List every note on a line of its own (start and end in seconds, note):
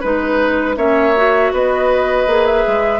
0.00 0.76 G#3
0.00 0.76 D#4
0.00 0.75 B4
0.00 0.77 B4
0.76 1.51 A#3
0.76 1.13 C#4
0.76 1.52 C#5
0.76 1.52 E5
1.16 2.27 F#4
1.52 2.26 B3
1.52 3.00 B4
1.52 2.45 D#5
2.26 2.64 A#3
2.26 3.00 G#4
2.45 3.00 E5
2.67 3.00 G#3